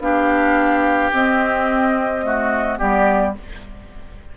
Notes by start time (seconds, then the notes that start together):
0.00 B3 D4 G4 F5
1.13 C4 D#5
2.23 A3 F#4
2.78 G3 B3 G4 D5